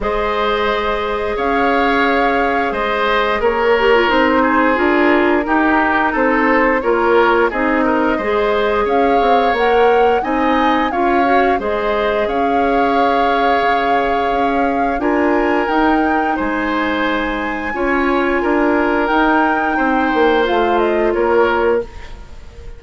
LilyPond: <<
  \new Staff \with { instrumentName = "flute" } { \time 4/4 \tempo 4 = 88 dis''2 f''2 | dis''4 cis''4 c''4 ais'4~ | ais'4 c''4 cis''4 dis''4~ | dis''4 f''4 fis''4 gis''4 |
f''4 dis''4 f''2~ | f''2 gis''4 g''4 | gis''1 | g''2 f''8 dis''8 cis''4 | }
  \new Staff \with { instrumentName = "oboe" } { \time 4/4 c''2 cis''2 | c''4 ais'4. gis'4. | g'4 a'4 ais'4 gis'8 ais'8 | c''4 cis''2 dis''4 |
cis''4 c''4 cis''2~ | cis''2 ais'2 | c''2 cis''4 ais'4~ | ais'4 c''2 ais'4 | }
  \new Staff \with { instrumentName = "clarinet" } { \time 4/4 gis'1~ | gis'4. g'16 f'16 dis'4 f'4 | dis'2 f'4 dis'4 | gis'2 ais'4 dis'4 |
f'8 fis'8 gis'2.~ | gis'2 f'4 dis'4~ | dis'2 f'2 | dis'2 f'2 | }
  \new Staff \with { instrumentName = "bassoon" } { \time 4/4 gis2 cis'2 | gis4 ais4 c'4 d'4 | dis'4 c'4 ais4 c'4 | gis4 cis'8 c'8 ais4 c'4 |
cis'4 gis4 cis'2 | cis4 cis'4 d'4 dis'4 | gis2 cis'4 d'4 | dis'4 c'8 ais8 a4 ais4 | }
>>